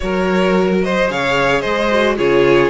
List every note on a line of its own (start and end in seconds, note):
0.00 1.10 F#3
0.00 1.08 F#4
0.00 0.85 A#4
0.00 0.80 C#5
0.82 1.11 C5
0.82 1.10 D#5
1.08 1.64 C#3
1.08 1.90 G#4
1.08 1.61 C#5
1.08 1.61 F5
1.61 2.18 G#3
1.61 2.15 C5
1.61 2.15 D#5
1.91 2.17 F#4
2.17 2.70 C#3
2.17 2.70 F4
2.17 2.70 G#4
2.17 2.70 C#5